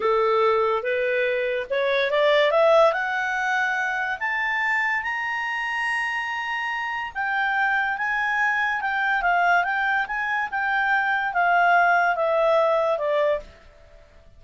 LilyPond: \new Staff \with { instrumentName = "clarinet" } { \time 4/4 \tempo 4 = 143 a'2 b'2 | cis''4 d''4 e''4 fis''4~ | fis''2 a''2 | ais''1~ |
ais''4 g''2 gis''4~ | gis''4 g''4 f''4 g''4 | gis''4 g''2 f''4~ | f''4 e''2 d''4 | }